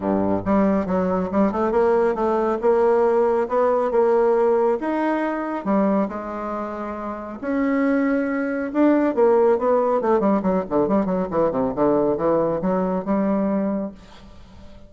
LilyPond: \new Staff \with { instrumentName = "bassoon" } { \time 4/4 \tempo 4 = 138 g,4 g4 fis4 g8 a8 | ais4 a4 ais2 | b4 ais2 dis'4~ | dis'4 g4 gis2~ |
gis4 cis'2. | d'4 ais4 b4 a8 g8 | fis8 d8 g8 fis8 e8 c8 d4 | e4 fis4 g2 | }